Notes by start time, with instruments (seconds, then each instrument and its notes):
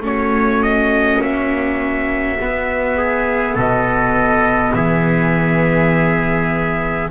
0.00 double bass A3, viola C#4, trumpet F#4 C#5
0.62 trumpet D#5
1.21 double bass A#3, trumpet E5
2.39 viola B3, double bass B3
2.97 trumpet G#4
3.54 double bass B2, trumpet A4 D#5
4.74 double bass E3, trumpet G#4 E5